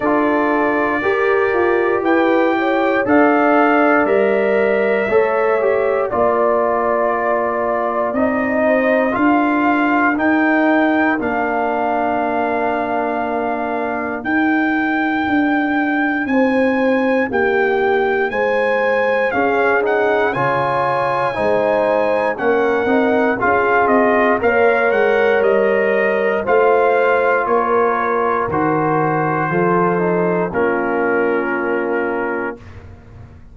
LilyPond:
<<
  \new Staff \with { instrumentName = "trumpet" } { \time 4/4 \tempo 4 = 59 d''2 g''4 f''4 | e''2 d''2 | dis''4 f''4 g''4 f''4~ | f''2 g''2 |
gis''4 g''4 gis''4 f''8 fis''8 | gis''2 fis''4 f''8 dis''8 | f''8 fis''8 dis''4 f''4 cis''4 | c''2 ais'2 | }
  \new Staff \with { instrumentName = "horn" } { \time 4/4 a'4 ais'4 b'8 cis''8 d''4~ | d''4 cis''4 d''2~ | d''8 c''8 ais'2.~ | ais'1 |
c''4 g'4 c''4 gis'4 | cis''4 c''4 ais'4 gis'4 | cis''2 c''4 ais'4~ | ais'4 a'4 f'2 | }
  \new Staff \with { instrumentName = "trombone" } { \time 4/4 f'4 g'2 a'4 | ais'4 a'8 g'8 f'2 | dis'4 f'4 dis'4 d'4~ | d'2 dis'2~ |
dis'2. cis'8 dis'8 | f'4 dis'4 cis'8 dis'8 f'4 | ais'2 f'2 | fis'4 f'8 dis'8 cis'2 | }
  \new Staff \with { instrumentName = "tuba" } { \time 4/4 d'4 g'8 f'8 e'4 d'4 | g4 a4 ais2 | c'4 d'4 dis'4 ais4~ | ais2 dis'4 d'4 |
c'4 ais4 gis4 cis'4 | cis4 gis4 ais8 c'8 cis'8 c'8 | ais8 gis8 g4 a4 ais4 | dis4 f4 ais2 | }
>>